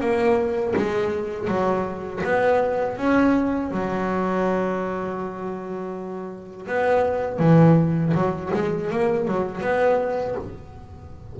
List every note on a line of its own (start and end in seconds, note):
0.00 0.74 A#3
0.76 1.47 G#3
1.47 2.22 F#3
2.24 2.97 B3
2.97 3.71 C#4
3.71 6.67 F#3
6.67 7.39 B3
7.39 8.13 E3
8.14 8.51 F#3
8.54 8.90 G#3
8.90 9.27 A#3
9.27 9.61 F#3
9.61 10.35 B3